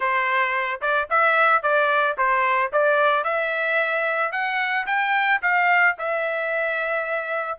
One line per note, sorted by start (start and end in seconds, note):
0.00 0.80 C5
0.81 1.08 D5
1.10 1.62 E5
1.62 2.16 D5
2.17 2.71 C5
2.72 3.23 D5
3.23 4.31 E5
4.31 4.86 F#5
4.86 5.40 G5
5.42 5.96 F5
5.98 7.58 E5